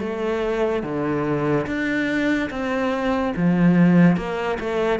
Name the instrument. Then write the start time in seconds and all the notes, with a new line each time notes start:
cello
0.00 A3
0.83 D3
1.67 D4
2.51 C4
3.37 F3
4.17 A#3
4.60 A3